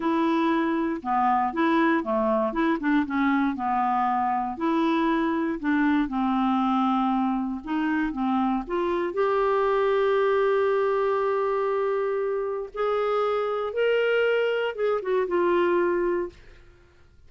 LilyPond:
\new Staff \with { instrumentName = "clarinet" } { \time 4/4 \tempo 4 = 118 e'2 b4 e'4 | a4 e'8 d'8 cis'4 b4~ | b4 e'2 d'4 | c'2. dis'4 |
c'4 f'4 g'2~ | g'1~ | g'4 gis'2 ais'4~ | ais'4 gis'8 fis'8 f'2 | }